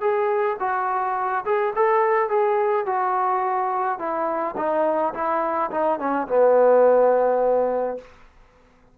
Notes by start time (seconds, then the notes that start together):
0.00 G#4
0.59 F#4
1.45 G#4
1.75 A4
2.29 G#4
2.86 F#4
3.99 E4
4.57 D#4
5.14 E4
5.71 D#4
5.99 C#4
6.28 B3